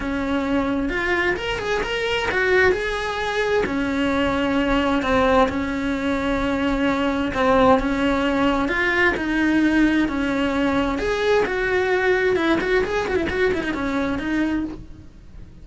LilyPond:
\new Staff \with { instrumentName = "cello" } { \time 4/4 \tempo 4 = 131 cis'2 f'4 ais'8 gis'8 | ais'4 fis'4 gis'2 | cis'2. c'4 | cis'1 |
c'4 cis'2 f'4 | dis'2 cis'2 | gis'4 fis'2 e'8 fis'8 | gis'8 fis'16 e'16 fis'8 e'16 dis'16 cis'4 dis'4 | }